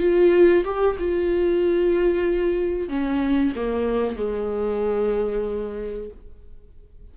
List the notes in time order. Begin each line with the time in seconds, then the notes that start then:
0.00 F4
0.65 G4
0.99 F4
2.89 C#4
3.56 A#3
4.17 G#3